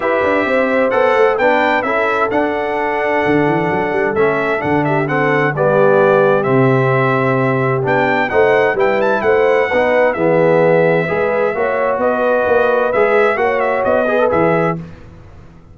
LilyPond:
<<
  \new Staff \with { instrumentName = "trumpet" } { \time 4/4 \tempo 4 = 130 e''2 fis''4 g''4 | e''4 fis''2.~ | fis''4 e''4 fis''8 e''8 fis''4 | d''2 e''2~ |
e''4 g''4 fis''4 g''8 a''8 | fis''2 e''2~ | e''2 dis''2 | e''4 fis''8 e''8 dis''4 e''4 | }
  \new Staff \with { instrumentName = "horn" } { \time 4/4 b'4 c''2 b'4 | a'1~ | a'2~ a'8 g'8 a'4 | g'1~ |
g'2 c''4 b'4 | c''4 b'4 gis'2 | b'4 cis''4 b'2~ | b'4 cis''4. b'4. | }
  \new Staff \with { instrumentName = "trombone" } { \time 4/4 g'2 a'4 d'4 | e'4 d'2.~ | d'4 cis'4 d'4 c'4 | b2 c'2~ |
c'4 d'4 dis'4 e'4~ | e'4 dis'4 b2 | gis'4 fis'2. | gis'4 fis'4. gis'16 a'16 gis'4 | }
  \new Staff \with { instrumentName = "tuba" } { \time 4/4 e'8 d'8 c'4 b8 a8 b4 | cis'4 d'2 d8 e8 | fis8 g8 a4 d2 | g2 c2~ |
c4 b4 a4 g4 | a4 b4 e2 | gis4 ais4 b4 ais4 | gis4 ais4 b4 e4 | }
>>